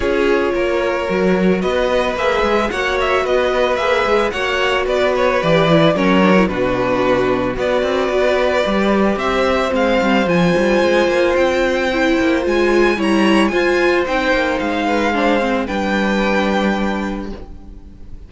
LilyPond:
<<
  \new Staff \with { instrumentName = "violin" } { \time 4/4 \tempo 4 = 111 cis''2. dis''4 | e''4 fis''8 e''8 dis''4 e''4 | fis''4 d''8 cis''8 d''4 cis''4 | b'2 d''2~ |
d''4 e''4 f''4 gis''4~ | gis''4 g''2 gis''4 | ais''4 gis''4 g''4 f''4~ | f''4 g''2. | }
  \new Staff \with { instrumentName = "violin" } { \time 4/4 gis'4 ais'2 b'4~ | b'4 cis''4 b'2 | cis''4 b'2 ais'4 | fis'2 b'2~ |
b'4 c''2.~ | c''1 | cis''4 c''2~ c''8 b'8 | c''4 b'2. | }
  \new Staff \with { instrumentName = "viola" } { \time 4/4 f'2 fis'2 | gis'4 fis'2 gis'4 | fis'2 g'8 e'8 cis'8 d'16 e'16 | d'2 fis'2 |
g'2 c'4 f'4~ | f'2 e'4 f'4 | e'4 f'4 dis'2 | d'8 c'8 d'2. | }
  \new Staff \with { instrumentName = "cello" } { \time 4/4 cis'4 ais4 fis4 b4 | ais8 gis8 ais4 b4 ais8 gis8 | ais4 b4 e4 fis4 | b,2 b8 c'8 b4 |
g4 c'4 gis8 g8 f8 g8 | gis8 ais8 c'4. ais8 gis4 | g4 f'4 c'8 ais8 gis4~ | gis4 g2. | }
>>